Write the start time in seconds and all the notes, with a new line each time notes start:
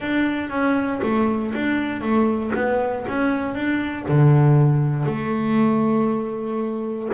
0.00 D4
0.49 C#4
1.02 A3
1.54 D4
2.01 A3
2.55 B3
3.07 C#4
3.54 D4
4.08 D3
5.05 A3